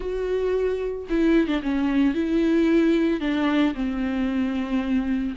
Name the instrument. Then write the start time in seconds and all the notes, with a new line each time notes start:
viola
0.00 F#4
1.09 E4
1.47 D4
1.62 C#4
2.14 E4
3.20 D4
3.74 C4